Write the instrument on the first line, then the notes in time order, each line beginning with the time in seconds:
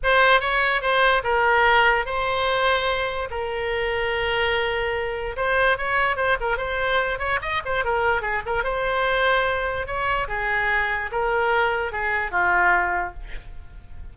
oboe
0.03 C5
0.40 C#5
0.81 C5
1.23 A#4
2.05 C5
3.30 A#4
5.36 C5
5.77 C#5
6.16 C5
6.40 A#4
6.57 C5
7.19 C#5
7.41 D#5
7.65 C5
7.84 A#4
8.21 G#4
8.45 A#4
8.63 C5
9.86 C#5
10.28 G#4
11.11 A#4
11.92 G#4
12.31 F4